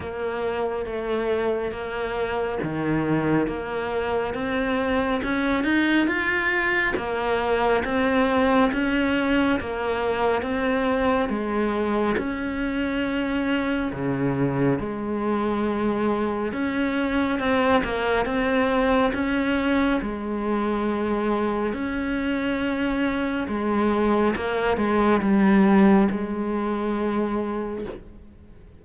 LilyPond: \new Staff \with { instrumentName = "cello" } { \time 4/4 \tempo 4 = 69 ais4 a4 ais4 dis4 | ais4 c'4 cis'8 dis'8 f'4 | ais4 c'4 cis'4 ais4 | c'4 gis4 cis'2 |
cis4 gis2 cis'4 | c'8 ais8 c'4 cis'4 gis4~ | gis4 cis'2 gis4 | ais8 gis8 g4 gis2 | }